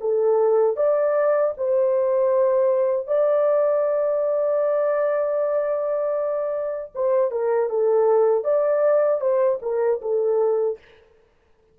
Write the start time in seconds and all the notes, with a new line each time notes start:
0.00 A4
0.76 D5
1.57 C5
3.07 D5
6.94 C5
7.31 A#4
7.69 A4
8.43 D5
9.20 C5
9.62 A#4
10.01 A4